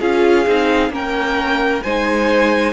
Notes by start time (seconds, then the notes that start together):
0.00 C#4 F4 G#4 F5
0.47 C4 D#4
0.90 A#3 C#4 A#4 G5
1.83 G#3 D#4 C5 G#5